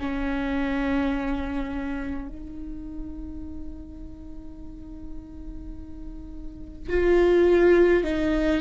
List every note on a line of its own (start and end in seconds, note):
0.00 2.29 C#4
2.29 6.90 D#4
6.90 8.04 F4
8.04 8.62 D#4